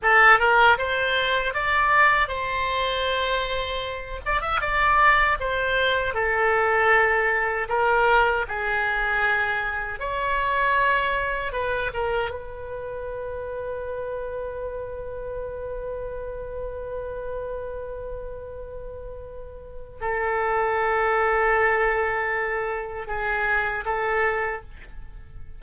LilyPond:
\new Staff \with { instrumentName = "oboe" } { \time 4/4 \tempo 4 = 78 a'8 ais'8 c''4 d''4 c''4~ | c''4. d''16 e''16 d''4 c''4 | a'2 ais'4 gis'4~ | gis'4 cis''2 b'8 ais'8 |
b'1~ | b'1~ | b'2 a'2~ | a'2 gis'4 a'4 | }